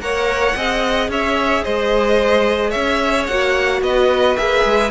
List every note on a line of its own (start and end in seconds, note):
0.00 0.55 A#3
0.00 0.55 A#4
0.00 0.56 C#5
0.00 1.10 F#5
0.56 1.08 C4
0.56 3.30 G#4
0.56 1.10 D#5
1.08 1.63 C#4
1.08 1.63 C#5
1.08 1.64 E5
1.63 2.75 G#3
1.63 2.70 C5
1.63 2.71 D#5
2.70 3.28 C#4
2.70 3.79 C#5
2.70 3.25 E5
3.27 3.82 A#3
3.27 4.37 F#4
3.27 3.81 F#5
3.82 4.36 B3
3.82 4.91 B4
3.82 4.37 D#5
4.37 4.65 A#3
4.37 4.91 G#4
4.37 4.91 E5
4.65 4.91 G#3